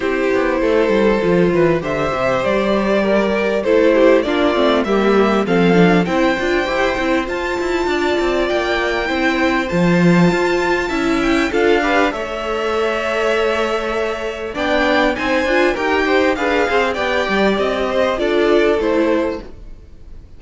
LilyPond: <<
  \new Staff \with { instrumentName = "violin" } { \time 4/4 \tempo 4 = 99 c''2. e''4 | d''2 c''4 d''4 | e''4 f''4 g''2 | a''2 g''2 |
a''2~ a''8 g''8 f''4 | e''1 | g''4 gis''4 g''4 f''4 | g''4 dis''4 d''4 c''4 | }
  \new Staff \with { instrumentName = "violin" } { \time 4/4 g'4 a'4. b'8 c''4~ | c''4 ais'4 a'8 g'8 f'4 | g'4 a'4 c''2~ | c''4 d''2 c''4~ |
c''2 e''4 a'8 b'8 | cis''1 | d''4 c''4 ais'8 c''8 b'8 c''8 | d''4. c''8 a'2 | }
  \new Staff \with { instrumentName = "viola" } { \time 4/4 e'2 f'4 g'4~ | g'2 e'4 d'8 c'8 | ais4 c'8 d'8 e'8 f'8 g'8 e'8 | f'2. e'4 |
f'2 e'4 f'8 g'8 | a'1 | d'4 dis'8 f'8 g'4 gis'4 | g'2 f'4 e'4 | }
  \new Staff \with { instrumentName = "cello" } { \time 4/4 c'8 b8 a8 g8 f8 e8 d8 c8 | g2 a4 ais8 a8 | g4 f4 c'8 d'8 e'8 c'8 | f'8 e'8 d'8 c'8 ais4 c'4 |
f4 f'4 cis'4 d'4 | a1 | b4 c'8 d'8 dis'4 d'8 c'8 | b8 g8 c'4 d'4 a4 | }
>>